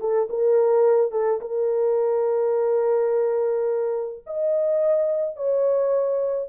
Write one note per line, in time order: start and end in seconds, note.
0.00 0.28 A4
0.30 1.12 A#4
1.12 1.40 A4
1.41 4.24 A#4
4.27 5.37 D#5
5.37 6.49 C#5